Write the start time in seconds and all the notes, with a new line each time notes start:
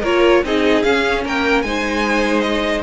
0.00 A#3 F4 A#4 C#5
0.43 C4 D#4 G#4 D#5
0.82 C#4 F5
1.24 A#3 A#4 G5
1.62 G#3 D#4 C5 G#5
2.40 D#5